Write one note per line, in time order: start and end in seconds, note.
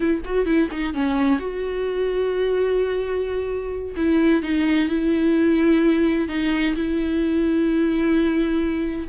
0.00 0.21 E4
0.24 0.45 F#4
0.45 0.68 E4
0.71 0.94 D#4
0.94 1.39 C#4
1.39 3.95 F#4
3.96 4.42 E4
4.42 4.88 D#4
4.88 6.28 E4
6.28 6.74 D#4
6.75 9.08 E4